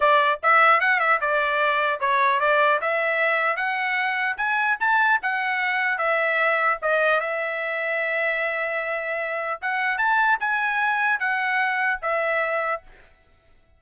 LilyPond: \new Staff \with { instrumentName = "trumpet" } { \time 4/4 \tempo 4 = 150 d''4 e''4 fis''8 e''8 d''4~ | d''4 cis''4 d''4 e''4~ | e''4 fis''2 gis''4 | a''4 fis''2 e''4~ |
e''4 dis''4 e''2~ | e''1 | fis''4 a''4 gis''2 | fis''2 e''2 | }